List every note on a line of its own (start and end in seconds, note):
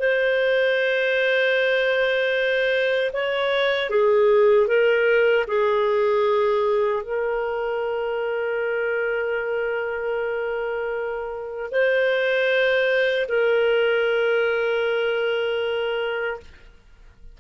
0.00 3.12 C5
3.13 3.90 C#5
3.90 4.68 G#4
4.68 5.46 A#4
5.48 7.03 G#4
7.03 11.71 A#4
11.71 13.27 C5
13.29 16.41 A#4